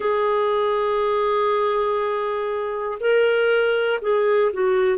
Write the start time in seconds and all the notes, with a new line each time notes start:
0.00 G#4
3.00 A#4
4.01 G#4
4.52 F#4